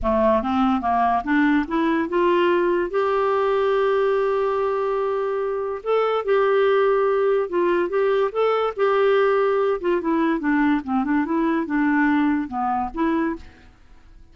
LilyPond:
\new Staff \with { instrumentName = "clarinet" } { \time 4/4 \tempo 4 = 144 a4 c'4 ais4 d'4 | e'4 f'2 g'4~ | g'1~ | g'2 a'4 g'4~ |
g'2 f'4 g'4 | a'4 g'2~ g'8 f'8 | e'4 d'4 c'8 d'8 e'4 | d'2 b4 e'4 | }